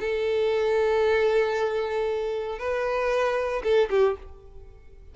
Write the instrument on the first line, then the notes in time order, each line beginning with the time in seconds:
violin
0.00 A4
2.59 B4
3.63 A4
3.90 G4